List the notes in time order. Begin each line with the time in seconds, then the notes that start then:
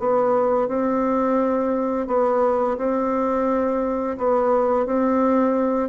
0.00 B3
0.68 C4
2.08 B3
2.78 C4
4.18 B3
4.86 C4